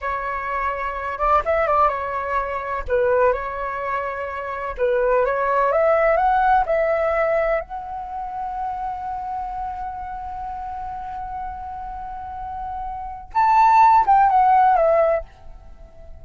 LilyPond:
\new Staff \with { instrumentName = "flute" } { \time 4/4 \tempo 4 = 126 cis''2~ cis''8 d''8 e''8 d''8 | cis''2 b'4 cis''4~ | cis''2 b'4 cis''4 | e''4 fis''4 e''2 |
fis''1~ | fis''1~ | fis''1 | a''4. g''8 fis''4 e''4 | }